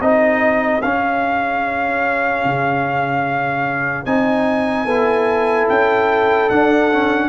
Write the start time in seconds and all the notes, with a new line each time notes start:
0.00 C4 D#4 G#4 D#5
0.81 C#4 F5
2.45 C#3
4.05 C4 D#4 G#5
4.84 B3 E4 A4
5.68 C#4 G5
6.49 D4 F#5
6.91 C#4